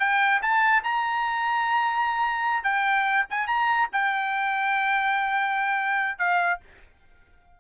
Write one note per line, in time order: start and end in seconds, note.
0.00 0.41 G5
0.42 0.84 A5
0.84 2.64 A#5
2.64 3.26 G5
3.30 3.48 G#5
3.48 3.89 A#5
3.93 6.19 G5
6.19 6.60 F5